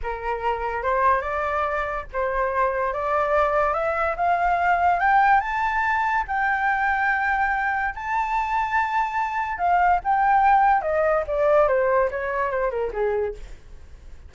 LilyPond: \new Staff \with { instrumentName = "flute" } { \time 4/4 \tempo 4 = 144 ais'2 c''4 d''4~ | d''4 c''2 d''4~ | d''4 e''4 f''2 | g''4 a''2 g''4~ |
g''2. a''4~ | a''2. f''4 | g''2 dis''4 d''4 | c''4 cis''4 c''8 ais'8 gis'4 | }